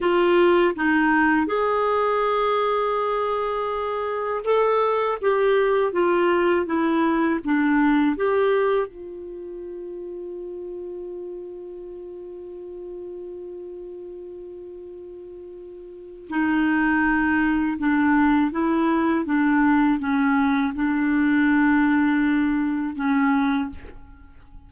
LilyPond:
\new Staff \with { instrumentName = "clarinet" } { \time 4/4 \tempo 4 = 81 f'4 dis'4 gis'2~ | gis'2 a'4 g'4 | f'4 e'4 d'4 g'4 | f'1~ |
f'1~ | f'2 dis'2 | d'4 e'4 d'4 cis'4 | d'2. cis'4 | }